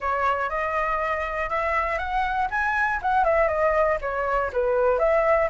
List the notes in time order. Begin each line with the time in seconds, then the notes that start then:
0.00 C#5
0.49 D#5
1.49 E5
1.98 F#5
2.50 G#5
3.02 F#5
3.24 E5
3.48 D#5
4.01 C#5
4.52 B4
4.99 E5